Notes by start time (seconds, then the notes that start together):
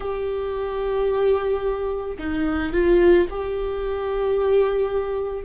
0.00 G4
2.18 D#4
2.73 F4
3.30 G4